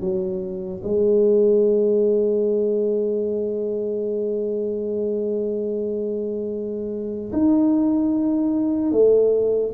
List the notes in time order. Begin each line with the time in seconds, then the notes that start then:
0.00 F#3
0.83 G#3
7.32 D#4
8.91 A3